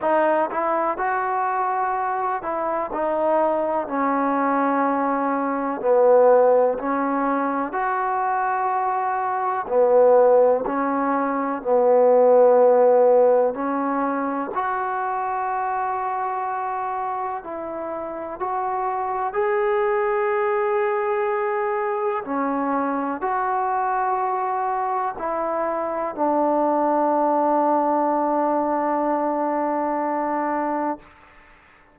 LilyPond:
\new Staff \with { instrumentName = "trombone" } { \time 4/4 \tempo 4 = 62 dis'8 e'8 fis'4. e'8 dis'4 | cis'2 b4 cis'4 | fis'2 b4 cis'4 | b2 cis'4 fis'4~ |
fis'2 e'4 fis'4 | gis'2. cis'4 | fis'2 e'4 d'4~ | d'1 | }